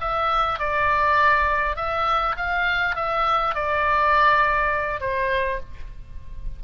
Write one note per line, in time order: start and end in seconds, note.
0.00 0.59 E5
0.59 1.76 D5
1.76 2.35 E5
2.36 2.95 F5
2.95 3.55 E5
3.55 5.00 D5
5.00 5.59 C5